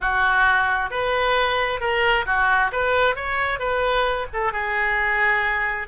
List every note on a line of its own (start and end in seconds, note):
0.00 0.90 F#4
0.90 1.80 B4
1.80 2.25 A#4
2.26 2.71 F#4
2.71 3.15 B4
3.15 3.59 C#5
3.59 4.26 B4
4.33 4.52 A4
4.52 5.87 G#4